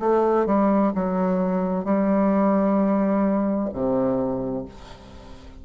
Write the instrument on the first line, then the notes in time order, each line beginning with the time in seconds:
bassoon
0.00 A3
0.46 G3
0.95 F#3
1.85 G3
3.73 C3